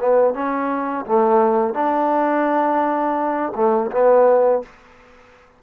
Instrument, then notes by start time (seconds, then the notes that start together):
trombone
0.00 B3
0.34 C#4
1.06 A3
1.75 D4
3.56 A3
3.92 B3